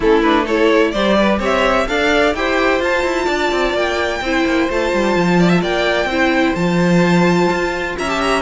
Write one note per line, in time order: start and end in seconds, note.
0.00 0.94 A3
0.00 0.24 C#4
0.00 0.44 E4
0.00 0.22 A4
0.22 0.47 D4
0.22 0.46 B4
0.44 0.94 E4
0.44 0.91 A4
0.44 0.91 C#5
0.91 1.39 G3
0.91 1.87 G4
0.91 1.17 C5
0.91 1.38 D5
1.17 1.39 B4
1.39 1.86 C4
1.39 1.86 C#5
1.39 1.87 E5
1.87 2.34 D4
1.87 2.34 A4
1.87 2.36 D5
1.87 2.34 F5
2.34 2.80 E4
2.34 2.80 G4
2.34 3.25 C5
2.34 2.81 G5
2.80 4.20 F4
2.80 3.03 F4
2.80 3.76 A5
3.03 3.27 E4
3.25 3.52 D4
3.25 4.19 D5
3.52 3.73 C4
3.73 4.20 A#3
3.73 4.70 G5
4.21 4.44 C4
4.21 4.69 E4
4.21 5.39 C5
4.45 4.69 A#3
4.69 4.92 A3
4.69 6.10 F4
4.69 5.63 A5
4.93 5.15 G3
5.15 5.62 F3
5.39 5.49 D5
5.49 5.60 E5
5.61 6.05 A#3
5.61 6.08 D5
5.61 6.54 G5
6.05 6.52 C4
6.05 6.56 E4
6.05 7.97 C5
6.54 7.49 F3
6.54 8.06 F4
6.54 7.95 A5
7.50 7.97 F4
7.98 8.42 C#4
7.98 8.42 E5
7.98 8.09 A#5
8.06 8.42 G4
8.06 8.20 A5
8.20 8.42 A#5